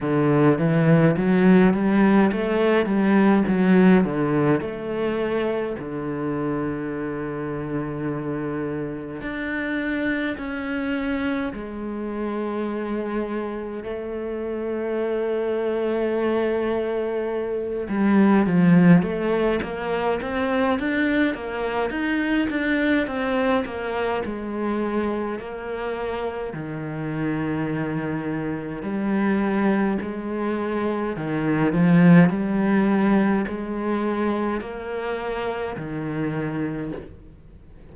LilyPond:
\new Staff \with { instrumentName = "cello" } { \time 4/4 \tempo 4 = 52 d8 e8 fis8 g8 a8 g8 fis8 d8 | a4 d2. | d'4 cis'4 gis2 | a2.~ a8 g8 |
f8 a8 ais8 c'8 d'8 ais8 dis'8 d'8 | c'8 ais8 gis4 ais4 dis4~ | dis4 g4 gis4 dis8 f8 | g4 gis4 ais4 dis4 | }